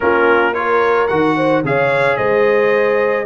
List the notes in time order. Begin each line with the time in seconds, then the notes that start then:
0.00 A#3 C#4 F4 A#4
0.54 F4 A#4 C#5
1.07 D#3 F#4 F#5
1.36 C5
1.63 C#3 G#4 C#5 F5
2.17 G#3 C5 D#5